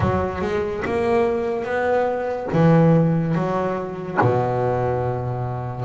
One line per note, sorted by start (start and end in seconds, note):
0.00 0.41 F#3
0.41 0.83 G#3
0.85 1.64 A#3
1.64 2.47 B3
2.52 3.34 E3
3.34 4.18 F#3
4.21 5.85 B2